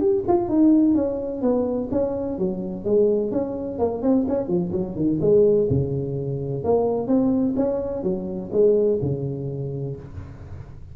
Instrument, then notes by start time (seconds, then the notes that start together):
tuba
0.00 G4
0.27 F4
0.49 D#4
0.94 C#4
1.41 B3
1.91 C#4
2.38 F#3
2.84 G#3
3.31 C#4
3.78 A#3
4.02 C4
4.28 C#4
4.47 F3
4.72 F#3
4.96 D#3
5.21 G#3
5.70 C#3
6.64 A#3
7.07 C4
7.56 C#4
8.03 F#3
8.52 G#3
9.02 C#3